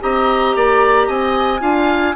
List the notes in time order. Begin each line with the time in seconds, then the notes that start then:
0.00 C4 G4 D#5 A#5
0.55 A#3 D5
1.07 C4 D#5 G#5
1.60 D4 F4 F5